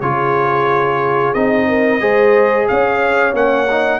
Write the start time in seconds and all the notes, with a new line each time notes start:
0.00 C#3 F4 G#4 C#5
1.33 C4 D#4 D#5
1.68 A#4
2.00 G#3 G#4 C5
2.68 C#4 C#5 F5
3.33 A#3 C#4 F#5
3.70 D#4